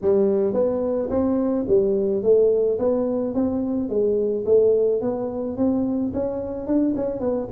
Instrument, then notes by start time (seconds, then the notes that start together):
tuba
0.01 G3
0.53 B3
1.10 C4
1.68 G3
2.22 A3
2.79 B3
3.34 C4
3.89 G#3
4.45 A3
5.01 B3
5.56 C4
6.13 C#4
6.66 D4
6.96 C#4
7.20 B3